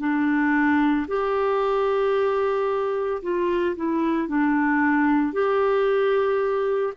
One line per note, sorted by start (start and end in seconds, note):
0.00 1.07 D4
1.08 3.22 G4
3.22 3.76 F4
3.76 4.29 E4
4.29 5.33 D4
5.33 6.94 G4